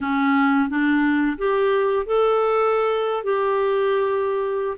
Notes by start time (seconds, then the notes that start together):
0.00 C#4
0.68 D4
1.38 G4
2.06 A4
3.23 G4